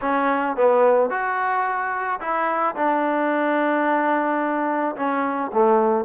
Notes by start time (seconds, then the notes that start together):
0.01 C#4
0.56 B3
1.10 F#4
2.20 E4
2.75 D4
4.96 C#4
5.52 A3